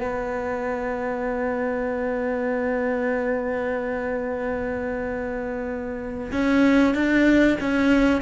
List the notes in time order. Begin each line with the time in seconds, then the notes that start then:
0.00 B3
6.32 C#4
6.95 D4
7.60 C#4